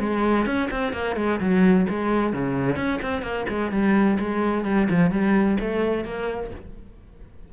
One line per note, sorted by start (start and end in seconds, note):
0.00 0.47 G#3
0.47 0.70 C#4
0.71 0.93 C4
0.93 1.16 A#3
1.16 1.40 G#3
1.40 1.87 F#3
1.89 2.33 G#3
2.33 2.77 C#3
2.77 3.00 C#4
3.02 3.22 C4
3.22 3.45 A#3
3.49 3.72 G#3
3.72 4.19 G3
4.20 4.65 G#3
4.65 4.88 G3
4.90 5.11 F3
5.11 5.58 G3
5.60 6.05 A3
6.05 6.51 A#3